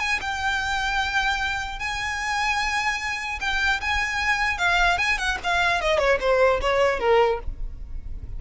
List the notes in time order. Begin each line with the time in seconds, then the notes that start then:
0.00 G#5
0.21 G5
1.80 G#5
3.41 G5
3.81 G#5
4.58 F5
4.98 G#5
5.19 F#5
5.44 F5
5.82 D#5
5.99 C#5
6.21 C5
6.61 C#5
7.00 A#4